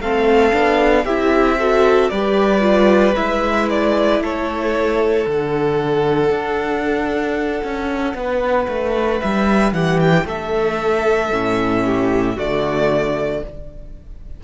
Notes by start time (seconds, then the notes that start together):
0.00 A3 C4 A4 F5
0.52 B3 D4
1.05 C4 E4 G4 E5
1.58 F#4 A4
2.09 G3 G4 B4 D5
2.61 F4
3.16 G#3 E4 E5
3.70 D5
4.20 A3 A4 C#5
5.25 D3 D4 F#5
6.30 D4
7.64 C#4
8.14 B3 B4
8.68 A3
9.20 G3 E5
9.72 E3 G4 F#5
10.00 G5
10.25 A3 A4 E5
11.31 A2 C#4
11.84 G4
12.35 D3 A3 F#4 D5